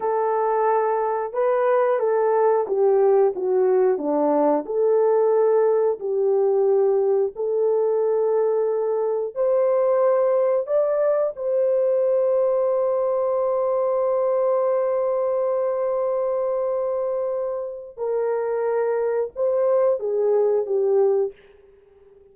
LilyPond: \new Staff \with { instrumentName = "horn" } { \time 4/4 \tempo 4 = 90 a'2 b'4 a'4 | g'4 fis'4 d'4 a'4~ | a'4 g'2 a'4~ | a'2 c''2 |
d''4 c''2.~ | c''1~ | c''2. ais'4~ | ais'4 c''4 gis'4 g'4 | }